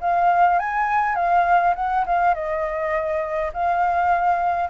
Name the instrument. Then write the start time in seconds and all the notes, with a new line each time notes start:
flute
0.00 F5
0.59 G#5
1.15 F5
1.75 F#5
2.06 F5
2.34 D#5
3.53 F5